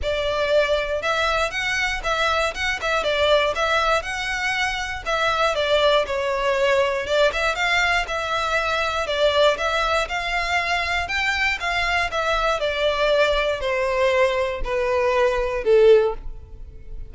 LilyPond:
\new Staff \with { instrumentName = "violin" } { \time 4/4 \tempo 4 = 119 d''2 e''4 fis''4 | e''4 fis''8 e''8 d''4 e''4 | fis''2 e''4 d''4 | cis''2 d''8 e''8 f''4 |
e''2 d''4 e''4 | f''2 g''4 f''4 | e''4 d''2 c''4~ | c''4 b'2 a'4 | }